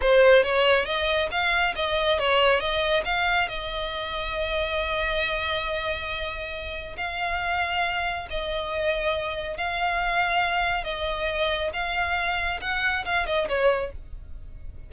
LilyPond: \new Staff \with { instrumentName = "violin" } { \time 4/4 \tempo 4 = 138 c''4 cis''4 dis''4 f''4 | dis''4 cis''4 dis''4 f''4 | dis''1~ | dis''1 |
f''2. dis''4~ | dis''2 f''2~ | f''4 dis''2 f''4~ | f''4 fis''4 f''8 dis''8 cis''4 | }